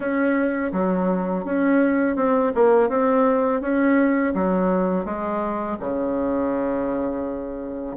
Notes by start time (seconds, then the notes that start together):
0.00 C#4
0.72 F#3
1.44 C#4
2.16 C4
2.54 A#3
2.89 C4
3.61 C#4
4.34 F#3
5.05 G#3
5.80 C#3